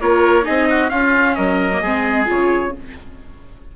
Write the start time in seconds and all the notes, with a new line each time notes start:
0.00 A#3 F4 A#4 C#5
0.43 C4 D#4 G#4 D#5
0.69 F#4
0.89 C#4 F4 F5
1.35 F#3 A#4 D#5
1.72 A#3
1.81 G#3 C4 G#4
2.25 C#3 F4 C#5